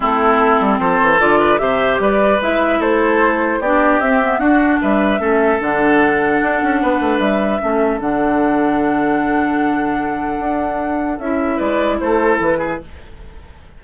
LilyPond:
<<
  \new Staff \with { instrumentName = "flute" } { \time 4/4 \tempo 4 = 150 a'2 c''4 d''4 | e''4 d''4 e''4 c''4~ | c''4 d''4 e''4 fis''4 | e''2 fis''2~ |
fis''2 e''2 | fis''1~ | fis''1 | e''4 d''4 c''4 b'4 | }
  \new Staff \with { instrumentName = "oboe" } { \time 4/4 e'2 a'4. b'8 | c''4 b'2 a'4~ | a'4 g'2 fis'4 | b'4 a'2.~ |
a'4 b'2 a'4~ | a'1~ | a'1~ | a'4 b'4 a'4. gis'8 | }
  \new Staff \with { instrumentName = "clarinet" } { \time 4/4 c'2. f'4 | g'2 e'2~ | e'4 d'4 c'8 b8 d'4~ | d'4 cis'4 d'2~ |
d'2. cis'4 | d'1~ | d'1 | e'1 | }
  \new Staff \with { instrumentName = "bassoon" } { \time 4/4 a4. g8 f8 e8 d4 | c4 g4 gis4 a4~ | a4 b4 c'4 d'4 | g4 a4 d2 |
d'8 cis'8 b8 a8 g4 a4 | d1~ | d2 d'2 | cis'4 gis4 a4 e4 | }
>>